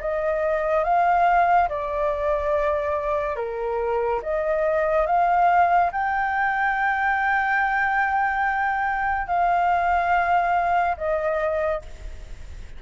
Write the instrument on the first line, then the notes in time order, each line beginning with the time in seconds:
flute
0.00 D#5
0.84 F5
1.68 D5
3.36 A#4
4.22 D#5
5.06 F5
5.92 G5
9.27 F5
10.97 D#5